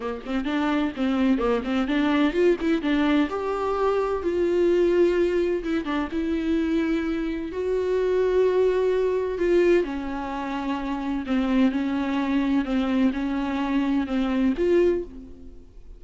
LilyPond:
\new Staff \with { instrumentName = "viola" } { \time 4/4 \tempo 4 = 128 ais8 c'8 d'4 c'4 ais8 c'8 | d'4 f'8 e'8 d'4 g'4~ | g'4 f'2. | e'8 d'8 e'2. |
fis'1 | f'4 cis'2. | c'4 cis'2 c'4 | cis'2 c'4 f'4 | }